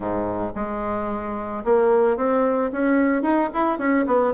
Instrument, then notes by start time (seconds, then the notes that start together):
bassoon
0.00 G#2
0.55 G#3
1.64 A#3
2.16 C4
2.72 C#4
3.22 D#4
3.53 E4
3.78 C#4
4.06 B3